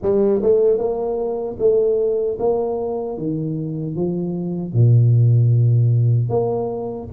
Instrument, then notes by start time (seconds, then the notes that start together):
tuba
0.02 G3
0.42 A3
0.78 A#3
1.59 A3
2.39 A#3
3.17 D#3
3.95 F3
4.73 A#2
6.29 A#3